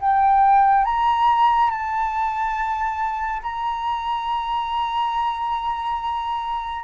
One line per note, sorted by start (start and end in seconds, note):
0.00 0.84 G5
0.84 1.70 A#5
1.70 3.41 A5
3.42 6.84 A#5